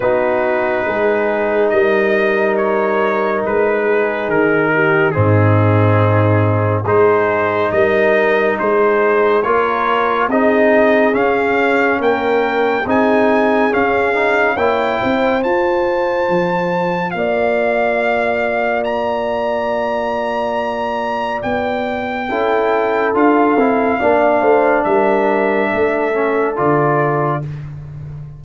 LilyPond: <<
  \new Staff \with { instrumentName = "trumpet" } { \time 4/4 \tempo 4 = 70 b'2 dis''4 cis''4 | b'4 ais'4 gis'2 | c''4 dis''4 c''4 cis''4 | dis''4 f''4 g''4 gis''4 |
f''4 g''4 a''2 | f''2 ais''2~ | ais''4 g''2 f''4~ | f''4 e''2 d''4 | }
  \new Staff \with { instrumentName = "horn" } { \time 4/4 fis'4 gis'4 ais'2~ | ais'8 gis'4 g'8 dis'2 | gis'4 ais'4 gis'4 ais'4 | gis'2 ais'4 gis'4~ |
gis'4 cis''8 c''2~ c''8 | d''1~ | d''2 a'2 | d''8 c''8 ais'4 a'2 | }
  \new Staff \with { instrumentName = "trombone" } { \time 4/4 dis'1~ | dis'2 c'2 | dis'2. f'4 | dis'4 cis'2 dis'4 |
cis'8 dis'8 e'4 f'2~ | f'1~ | f'2 e'4 f'8 e'8 | d'2~ d'8 cis'8 f'4 | }
  \new Staff \with { instrumentName = "tuba" } { \time 4/4 b4 gis4 g2 | gis4 dis4 gis,2 | gis4 g4 gis4 ais4 | c'4 cis'4 ais4 c'4 |
cis'4 ais8 c'8 f'4 f4 | ais1~ | ais4 b4 cis'4 d'8 c'8 | ais8 a8 g4 a4 d4 | }
>>